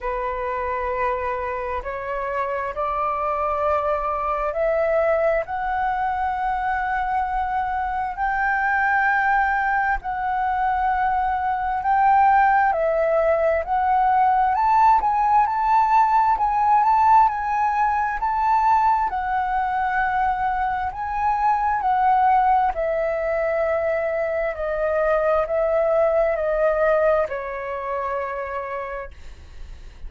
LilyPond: \new Staff \with { instrumentName = "flute" } { \time 4/4 \tempo 4 = 66 b'2 cis''4 d''4~ | d''4 e''4 fis''2~ | fis''4 g''2 fis''4~ | fis''4 g''4 e''4 fis''4 |
a''8 gis''8 a''4 gis''8 a''8 gis''4 | a''4 fis''2 gis''4 | fis''4 e''2 dis''4 | e''4 dis''4 cis''2 | }